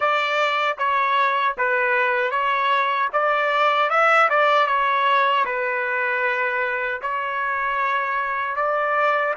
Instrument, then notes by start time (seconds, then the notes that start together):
trumpet
0.00 D5
0.78 C#5
1.57 B4
2.30 C#5
3.12 D5
3.90 E5
4.29 D5
4.66 C#5
5.45 B4
7.01 C#5
8.56 D5